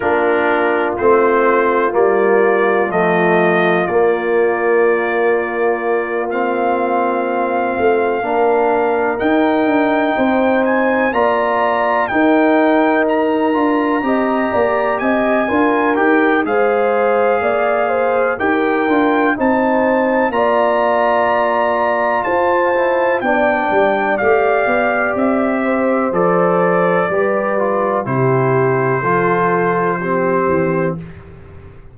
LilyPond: <<
  \new Staff \with { instrumentName = "trumpet" } { \time 4/4 \tempo 4 = 62 ais'4 c''4 d''4 dis''4 | d''2~ d''8 f''4.~ | f''4. g''4. gis''8 ais''8~ | ais''8 g''4 ais''2 gis''8~ |
gis''8 g''8 f''2 g''4 | a''4 ais''2 a''4 | g''4 f''4 e''4 d''4~ | d''4 c''2. | }
  \new Staff \with { instrumentName = "horn" } { \time 4/4 f'1~ | f'1~ | f'8 ais'2 c''4 d''8~ | d''8 ais'2 dis''8 d''8 dis''8 |
ais'4 c''4 d''8 c''8 ais'4 | c''4 d''2 c''4 | d''2~ d''8 c''4. | b'4 g'4 a'4 g'4 | }
  \new Staff \with { instrumentName = "trombone" } { \time 4/4 d'4 c'4 ais4 a4 | ais2~ ais8 c'4.~ | c'8 d'4 dis'2 f'8~ | f'8 dis'4. f'8 g'4. |
f'8 g'8 gis'2 g'8 f'8 | dis'4 f'2~ f'8 e'8 | d'4 g'2 a'4 | g'8 f'8 e'4 f'4 c'4 | }
  \new Staff \with { instrumentName = "tuba" } { \time 4/4 ais4 a4 g4 f4 | ais1 | a8 ais4 dis'8 d'8 c'4 ais8~ | ais8 dis'4. d'8 c'8 ais8 c'8 |
d'8 dis'8 gis4 ais4 dis'8 d'8 | c'4 ais2 f'4 | b8 g8 a8 b8 c'4 f4 | g4 c4 f4. e8 | }
>>